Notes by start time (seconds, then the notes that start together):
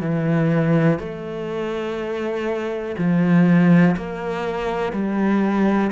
0.00 E3
0.99 A3
2.97 F3
3.96 A#3
4.92 G3